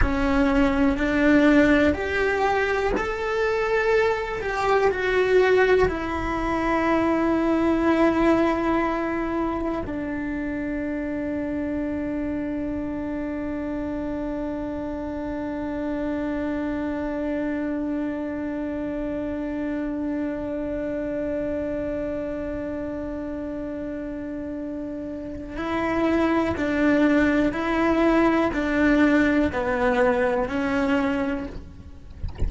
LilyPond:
\new Staff \with { instrumentName = "cello" } { \time 4/4 \tempo 4 = 61 cis'4 d'4 g'4 a'4~ | a'8 g'8 fis'4 e'2~ | e'2 d'2~ | d'1~ |
d'1~ | d'1~ | d'2 e'4 d'4 | e'4 d'4 b4 cis'4 | }